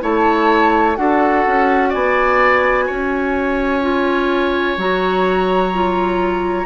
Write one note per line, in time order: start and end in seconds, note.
0.00 0.97 A3
0.00 0.95 E4
0.00 0.97 C#5
0.00 0.96 A5
0.96 1.45 D4
0.96 3.82 F#4
0.96 1.89 A4
0.96 1.91 F#5
1.47 1.94 C#4
1.89 2.89 B3
1.89 2.85 D5
1.89 4.78 G#5
2.87 4.77 C#4
2.87 6.66 C#5
3.82 4.77 F4
4.77 6.66 F#3
4.77 5.73 F#4
4.77 6.66 A#5
5.73 6.66 F4